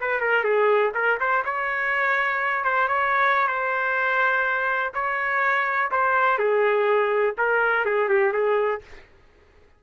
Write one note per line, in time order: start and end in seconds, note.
0.00 0.20 B4
0.20 0.44 A#4
0.44 0.92 G#4
0.94 1.19 A#4
1.20 1.44 C5
1.45 2.64 C#5
2.64 2.88 C5
2.88 3.47 C#5
3.47 4.92 C5
4.94 5.91 C#5
5.91 6.38 C5
6.38 7.35 G#4
7.37 7.85 A#4
7.85 8.09 G#4
8.09 8.33 G4
8.33 8.81 G#4